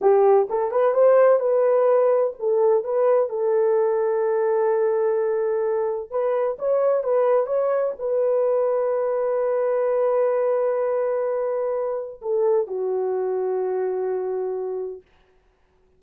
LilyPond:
\new Staff \with { instrumentName = "horn" } { \time 4/4 \tempo 4 = 128 g'4 a'8 b'8 c''4 b'4~ | b'4 a'4 b'4 a'4~ | a'1~ | a'4 b'4 cis''4 b'4 |
cis''4 b'2.~ | b'1~ | b'2 a'4 fis'4~ | fis'1 | }